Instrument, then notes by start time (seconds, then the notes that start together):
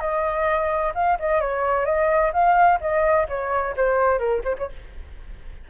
flute
0.00 D#5
0.95 F5
1.20 D#5
1.41 C#5
1.85 D#5
2.33 F5
2.81 D#5
3.29 C#5
3.77 C5
4.19 A#4
4.44 C5
4.59 C#5